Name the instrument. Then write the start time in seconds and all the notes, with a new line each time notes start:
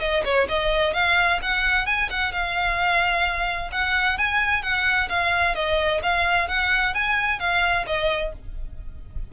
violin
0.00 D#5
0.24 C#5
0.48 D#5
0.93 F5
1.42 F#5
1.86 G#5
2.09 F#5
2.32 F5
3.72 F#5
4.17 G#5
4.62 F#5
5.09 F5
5.55 D#5
6.02 F5
6.48 F#5
6.94 G#5
7.39 F5
7.86 D#5